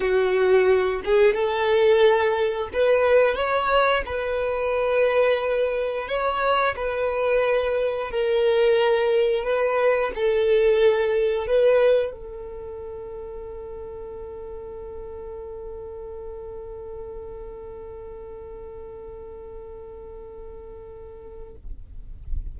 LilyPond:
\new Staff \with { instrumentName = "violin" } { \time 4/4 \tempo 4 = 89 fis'4. gis'8 a'2 | b'4 cis''4 b'2~ | b'4 cis''4 b'2 | ais'2 b'4 a'4~ |
a'4 b'4 a'2~ | a'1~ | a'1~ | a'1 | }